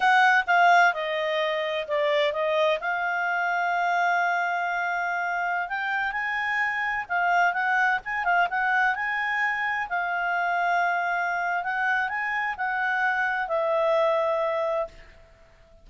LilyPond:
\new Staff \with { instrumentName = "clarinet" } { \time 4/4 \tempo 4 = 129 fis''4 f''4 dis''2 | d''4 dis''4 f''2~ | f''1~ | f''16 g''4 gis''2 f''8.~ |
f''16 fis''4 gis''8 f''8 fis''4 gis''8.~ | gis''4~ gis''16 f''2~ f''8.~ | f''4 fis''4 gis''4 fis''4~ | fis''4 e''2. | }